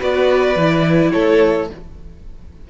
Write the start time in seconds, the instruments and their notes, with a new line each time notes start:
0.00 cello B3, viola F#4, violin B4 D5
0.56 cello E3, viola E4
1.13 cello A3, violin A4 C#5